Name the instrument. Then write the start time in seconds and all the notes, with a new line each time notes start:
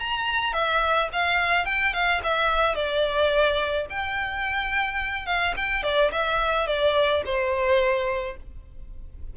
violin
0.00 A#5
0.53 E5
1.13 F5
1.66 G5
1.93 F5
2.23 E5
2.75 D5
3.90 G5
5.27 F5
5.57 G5
5.83 D5
6.12 E5
6.67 D5
7.26 C5